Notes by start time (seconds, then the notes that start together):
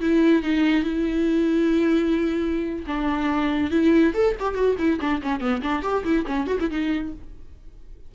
0.00 E4
0.42 D#4
0.83 E4
2.86 D4
3.71 E4
4.14 A4
4.39 G4
4.55 F#4
4.78 E4
5.00 D4
5.22 C#4
5.40 B3
5.62 D4
5.82 G4
6.04 E4
6.26 C#4
6.47 F#4
6.59 E4
6.70 D#4